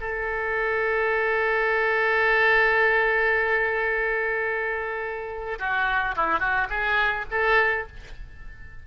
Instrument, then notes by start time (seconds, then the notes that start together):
oboe
0.00 A4
5.59 F#4
6.16 E4
6.39 F#4
6.69 G#4
7.30 A4